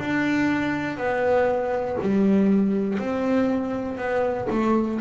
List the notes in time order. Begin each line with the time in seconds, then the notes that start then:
0.00 D4
0.97 B3
2.01 G3
2.99 C4
3.98 B3
4.50 A3